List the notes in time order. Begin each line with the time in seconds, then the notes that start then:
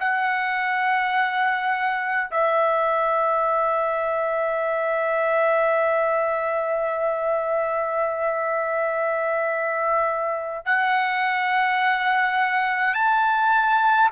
0.00 F#5
2.31 E5
10.65 F#5
12.94 A5